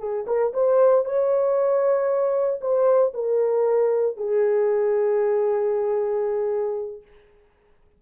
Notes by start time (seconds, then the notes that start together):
0.00 G#4
0.27 A#4
0.54 C5
1.06 C#5
2.62 C5
3.14 A#4
4.18 G#4